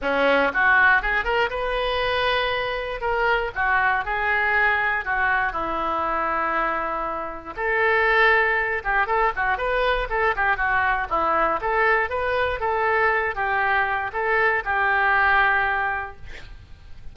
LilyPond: \new Staff \with { instrumentName = "oboe" } { \time 4/4 \tempo 4 = 119 cis'4 fis'4 gis'8 ais'8 b'4~ | b'2 ais'4 fis'4 | gis'2 fis'4 e'4~ | e'2. a'4~ |
a'4. g'8 a'8 fis'8 b'4 | a'8 g'8 fis'4 e'4 a'4 | b'4 a'4. g'4. | a'4 g'2. | }